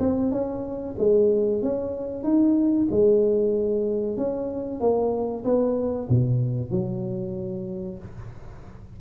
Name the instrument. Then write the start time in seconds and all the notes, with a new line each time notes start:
tuba
0.00 C4
0.32 C#4
0.99 G#3
1.63 C#4
2.24 D#4
2.91 G#3
4.18 C#4
4.81 A#3
5.45 B3
6.10 B2
6.71 F#3